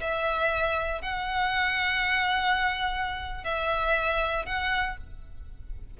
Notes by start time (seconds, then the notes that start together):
0.00 E5
1.01 F#5
3.44 E5
4.46 F#5